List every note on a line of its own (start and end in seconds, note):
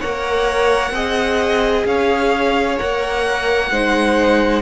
0.00 0.91 A#3
0.00 0.94 A#4
0.00 0.92 C#5
0.00 1.85 F#5
0.91 1.83 C4
0.91 2.78 G#4
0.91 1.87 D#5
1.86 2.78 C#4
1.86 3.71 C#5
1.86 2.79 F5
2.78 3.71 A#3
2.78 3.70 A#4
2.78 4.62 F#5
3.71 4.62 G#3
3.71 4.62 D#4
3.71 4.62 C5